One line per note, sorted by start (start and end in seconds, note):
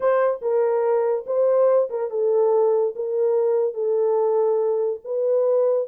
0.00 0.40 C5
0.41 1.25 A#4
1.26 1.89 C5
1.90 2.10 A#4
2.10 2.94 A4
2.95 3.74 A#4
3.74 5.00 A4
5.04 5.88 B4